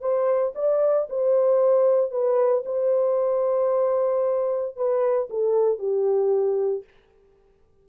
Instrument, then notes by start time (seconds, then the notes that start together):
horn
0.00 C5
0.55 D5
1.09 C5
2.10 B4
2.65 C5
4.76 B4
5.29 A4
5.78 G4